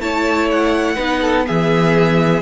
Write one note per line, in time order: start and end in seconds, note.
0.00 0.97 A3
0.00 0.97 E4
0.00 0.96 C#5
0.00 0.49 A5
0.51 1.46 F#5
0.96 1.47 B3
0.96 1.44 D#4
0.96 1.20 B4
1.22 1.46 A4
1.44 2.42 E3
1.44 2.41 B3
1.44 2.42 G#4
1.44 2.42 E5